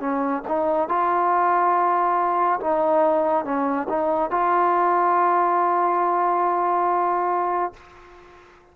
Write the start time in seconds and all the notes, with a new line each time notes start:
0.00 C#4
0.48 D#4
0.89 F4
2.61 D#4
3.45 C#4
3.89 D#4
4.31 F4